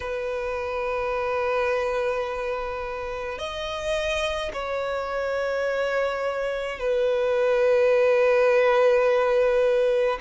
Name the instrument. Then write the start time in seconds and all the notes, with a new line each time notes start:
violin
0.00 B4
3.38 D#5
4.53 C#5
6.79 B4